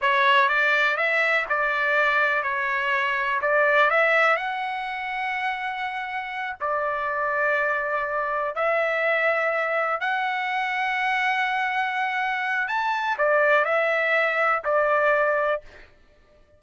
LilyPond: \new Staff \with { instrumentName = "trumpet" } { \time 4/4 \tempo 4 = 123 cis''4 d''4 e''4 d''4~ | d''4 cis''2 d''4 | e''4 fis''2.~ | fis''4. d''2~ d''8~ |
d''4. e''2~ e''8~ | e''8 fis''2.~ fis''8~ | fis''2 a''4 d''4 | e''2 d''2 | }